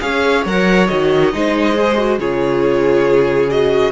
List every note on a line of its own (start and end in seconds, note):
0.00 0.45 C#4
0.00 0.43 G#4
0.00 1.32 C#5
0.00 0.43 F5
0.45 0.89 F#3
0.45 0.88 A#4
0.45 0.87 F#5
0.87 1.34 D#3
0.87 1.32 F#4
0.87 2.17 D#5
1.32 2.19 G#3
1.32 1.74 D#4
1.32 2.18 C5
1.74 1.96 G#4
1.97 2.19 F#4
2.18 3.92 C#3
2.18 3.49 F4
2.18 3.92 G#4
2.18 3.49 C#5
3.49 3.92 F#4
3.49 3.92 D#5